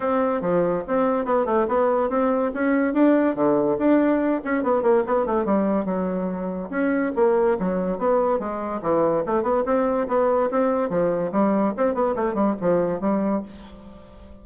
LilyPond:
\new Staff \with { instrumentName = "bassoon" } { \time 4/4 \tempo 4 = 143 c'4 f4 c'4 b8 a8 | b4 c'4 cis'4 d'4 | d4 d'4. cis'8 b8 ais8 | b8 a8 g4 fis2 |
cis'4 ais4 fis4 b4 | gis4 e4 a8 b8 c'4 | b4 c'4 f4 g4 | c'8 b8 a8 g8 f4 g4 | }